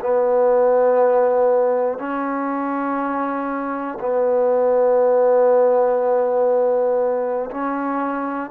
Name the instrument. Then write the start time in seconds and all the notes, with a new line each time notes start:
trombone
0.00 B3
1.98 C#4
4.00 B3
7.50 C#4